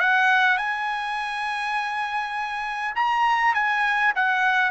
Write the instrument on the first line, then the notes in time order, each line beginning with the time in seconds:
trumpet
0.00 F#5
0.58 G#5
2.96 A#5
3.54 G#5
4.16 F#5